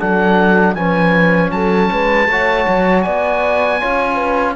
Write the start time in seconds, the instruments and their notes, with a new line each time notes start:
0.00 cello F#3, trombone D4, horn A4, oboe F#5
0.75 cello F3, trombone C#4, horn B4, oboe G#5
1.51 cello F#3, horn A4, oboe A5
1.92 cello G#3, horn B4
2.28 cello A3, trombone F#4, horn C#5
2.68 cello F#3
3.03 cello B3, horn D5, oboe G#5
3.81 cello C#4, trombone F4, horn C#5
4.15 horn B4